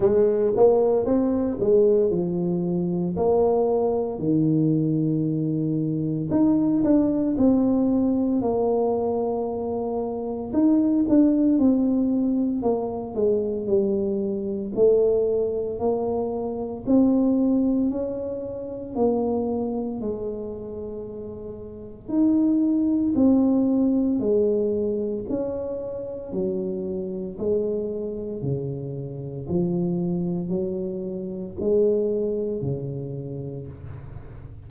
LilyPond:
\new Staff \with { instrumentName = "tuba" } { \time 4/4 \tempo 4 = 57 gis8 ais8 c'8 gis8 f4 ais4 | dis2 dis'8 d'8 c'4 | ais2 dis'8 d'8 c'4 | ais8 gis8 g4 a4 ais4 |
c'4 cis'4 ais4 gis4~ | gis4 dis'4 c'4 gis4 | cis'4 fis4 gis4 cis4 | f4 fis4 gis4 cis4 | }